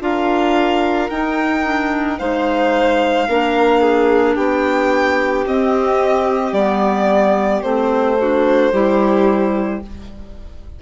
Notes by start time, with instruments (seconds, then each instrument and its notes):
0.00 bassoon D4, clarinet F4, violin A#4 F5
1.10 bassoon D#4, clarinet D#4, violin G5
1.64 clarinet D4
2.18 bassoon G#3, clarinet D#4, violin C5 F5
3.28 bassoon A#3, clarinet D4, violin A#4
3.81 violin G#4
4.35 bassoon B3, violin G4 G5
5.46 bassoon C4, clarinet C4, violin D#5
6.52 bassoon G3, clarinet B3, violin D5
7.62 bassoon A3, clarinet C4, violin C5
8.20 clarinet D4, violin F#4
8.72 bassoon G3, clarinet E4, violin G4